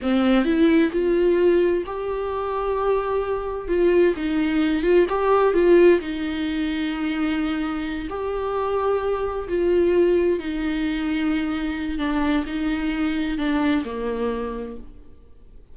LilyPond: \new Staff \with { instrumentName = "viola" } { \time 4/4 \tempo 4 = 130 c'4 e'4 f'2 | g'1 | f'4 dis'4. f'8 g'4 | f'4 dis'2.~ |
dis'4. g'2~ g'8~ | g'8 f'2 dis'4.~ | dis'2 d'4 dis'4~ | dis'4 d'4 ais2 | }